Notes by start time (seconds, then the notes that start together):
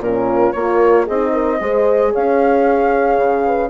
0.00 A#2 C#4 F4 A#4
0.53 A#3 F4 A#4 C#5
1.05 C4 G#4 D#5
1.12 D#4
1.33 A#4
1.61 G#3 G#4 C5
2.13 C#4 C#5 F5
3.18 C#3
3.46 B4